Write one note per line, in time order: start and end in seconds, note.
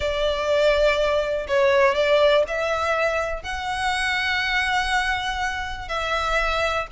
0.00 1.46 D5
1.47 1.94 C#5
1.94 2.44 D5
2.47 3.42 E5
3.42 5.88 F#5
5.88 6.87 E5